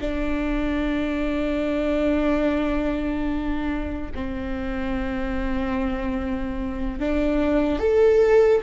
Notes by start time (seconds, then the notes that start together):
0.00 D4
4.15 C4
6.99 D4
7.79 A4